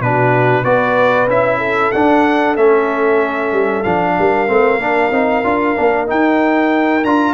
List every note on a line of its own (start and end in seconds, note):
0.00 0.64 B2
0.00 0.64 D4
0.00 0.63 F#4
0.00 0.64 B4
0.63 1.28 B3
0.63 1.28 F#4
0.63 1.58 B4
0.63 1.28 D5
1.28 1.91 C#4
1.28 1.93 E4
1.28 1.92 E5
1.58 4.13 A4
1.92 2.56 D4
1.92 2.57 D4
1.92 2.55 F#5
2.56 3.52 A3
2.56 3.84 C#4
2.56 3.83 E5
3.52 3.84 G3
3.83 4.17 F3
3.83 4.47 D4
3.83 6.06 F5
4.18 4.49 G3
4.18 7.34 A#4
4.47 4.77 A3
4.47 4.79 C4
4.77 5.09 A#3
4.77 5.12 D4
5.11 5.43 C4
5.11 5.44 D#4
5.44 5.76 D4
5.44 5.76 F4
5.76 6.10 A#3
5.76 6.07 D4
6.07 7.02 D#4
6.07 7.05 D#4
6.07 7.04 G5
7.04 7.34 D4
7.04 7.34 F4
7.04 7.34 A#5